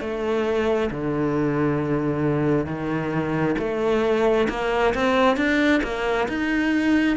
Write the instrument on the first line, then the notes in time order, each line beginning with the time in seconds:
cello
0.00 A3
0.90 D3
2.65 D#3
3.58 A3
4.49 A#3
4.94 C4
5.36 D4
5.82 A#3
6.28 D#4